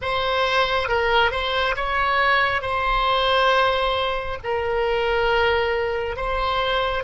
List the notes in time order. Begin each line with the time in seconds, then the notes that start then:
0.01 C5
0.88 A#4
1.31 C5
1.76 C#5
2.61 C5
4.44 A#4
6.16 C5